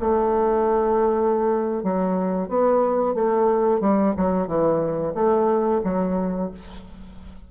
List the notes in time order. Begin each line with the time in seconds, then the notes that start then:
0.00 A3
1.83 F#3
2.48 B3
3.14 A3
3.80 G3
4.16 F#3
4.47 E3
5.14 A3
5.84 F#3